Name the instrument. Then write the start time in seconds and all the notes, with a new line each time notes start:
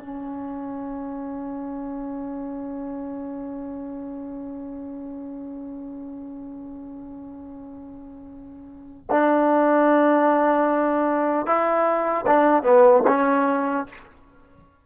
trombone
0.00 C#4
9.10 D4
11.47 E4
12.27 D4
12.64 B3
13.07 C#4